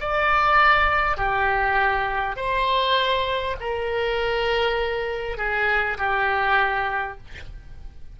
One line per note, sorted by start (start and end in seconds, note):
0.00 1.17 D5
1.17 2.36 G4
2.36 3.56 C5
3.60 5.37 A#4
5.37 5.97 G#4
5.97 7.17 G4